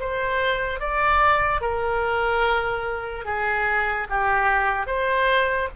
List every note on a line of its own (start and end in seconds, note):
0.00 0.80 C5
0.80 1.61 D5
1.61 3.25 A#4
3.25 4.07 G#4
4.09 4.86 G4
4.86 5.69 C5